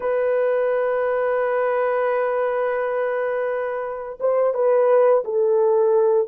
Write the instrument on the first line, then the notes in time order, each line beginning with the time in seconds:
horn
0.00 B4
4.20 C5
4.53 B4
5.24 A4